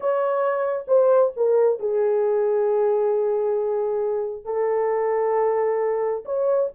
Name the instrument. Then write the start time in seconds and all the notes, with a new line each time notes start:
horn
0.00 C#5
0.87 C5
1.36 A#4
1.79 G#4
4.45 A4
6.25 C#5